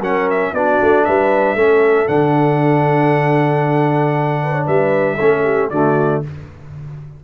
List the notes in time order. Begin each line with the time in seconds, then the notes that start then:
0.00 F#3 C#4 A#4 F#5
0.30 E5
0.54 B3 D4 F#4 D5
0.82 A3
1.05 G3 B4 E5
1.55 A3 C#4 A4
2.08 D3 D4 F#5
4.44 B4
4.52 C#5
4.66 G3 B4 E5
5.16 A3 C#4 A4
5.44 G4
5.70 D3 A3 F#4 D5